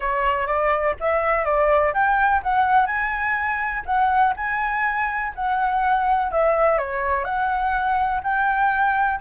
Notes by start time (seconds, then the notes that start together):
0.00 C#5
0.47 D5
0.99 E5
1.44 D5
1.93 G5
2.42 F#5
2.86 G#5
3.85 F#5
4.36 G#5
5.35 F#5
6.31 E5
6.78 C#5
7.24 F#5
8.23 G5